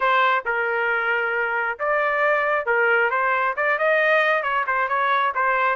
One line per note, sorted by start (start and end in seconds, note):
0.00 0.44 C5
0.45 1.78 A#4
1.79 2.66 D5
2.66 3.10 A#4
3.10 3.54 C5
3.56 3.78 D5
3.78 4.42 D#5
4.42 4.64 C#5
4.66 4.88 C5
4.88 5.32 C#5
5.34 5.76 C5